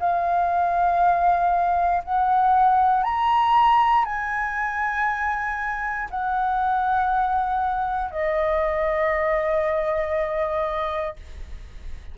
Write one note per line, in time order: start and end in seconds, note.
0.00 2.03 F5
2.05 3.04 F#5
3.04 4.06 A#5
4.06 6.09 G#5
6.11 8.12 F#5
8.12 11.17 D#5